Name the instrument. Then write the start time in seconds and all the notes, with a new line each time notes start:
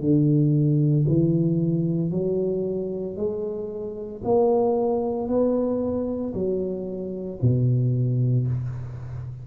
tuba
0.00 D3
1.07 E3
2.11 F#3
3.16 G#3
4.24 A#3
5.28 B3
6.33 F#3
7.41 B2